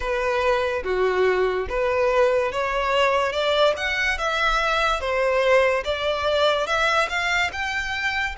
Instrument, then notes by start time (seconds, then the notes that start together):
violin
0.00 B4
0.83 F#4
1.69 B4
2.52 C#5
3.32 D5
3.77 F#5
4.18 E5
5.00 C5
5.84 D5
6.66 E5
7.09 F5
7.52 G5